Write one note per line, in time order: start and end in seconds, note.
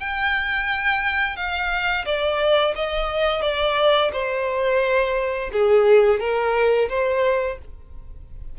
0.00 1.36 G5
1.36 2.05 F5
2.06 2.75 D5
2.76 3.42 D#5
3.42 4.11 D5
4.13 5.51 C5
5.53 6.20 G#4
6.20 6.89 A#4
6.89 7.58 C5